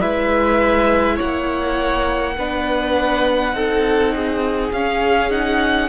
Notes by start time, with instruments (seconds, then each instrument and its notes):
0.00 cello G#3, viola E4, violin B4 E5
1.16 cello A#3, violin C#5 F#5
2.37 cello B3, viola D4, violin B4
3.52 cello C4, viola D#4, violin A4
4.15 violin G#4
4.72 cello C#4, viola C#4, violin F5
5.30 viola D#4, violin F#5